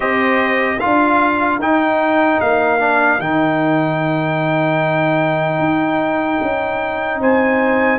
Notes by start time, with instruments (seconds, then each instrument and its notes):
0.00 tuba C4, trombone G4, horn C5, trumpet D#5
0.79 trombone F4, horn A#4, trumpet F5
0.85 tuba D4
1.58 tuba D#4, trombone D#4, trumpet G5
2.40 tuba A#3, trumpet F5
2.79 trombone D4
3.19 tuba D#3, trombone D#4, trumpet G5
5.58 tuba D#4
6.41 tuba C#4
7.20 tuba C4, horn C5, trumpet G#5